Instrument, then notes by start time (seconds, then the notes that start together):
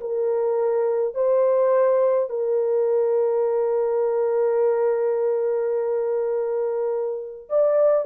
horn
0.00 A#4
1.14 C5
2.29 A#4
7.49 D5